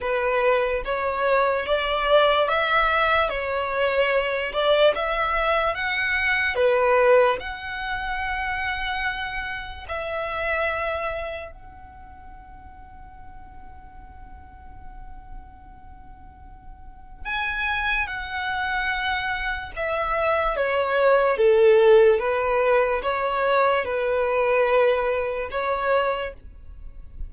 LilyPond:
\new Staff \with { instrumentName = "violin" } { \time 4/4 \tempo 4 = 73 b'4 cis''4 d''4 e''4 | cis''4. d''8 e''4 fis''4 | b'4 fis''2. | e''2 fis''2~ |
fis''1~ | fis''4 gis''4 fis''2 | e''4 cis''4 a'4 b'4 | cis''4 b'2 cis''4 | }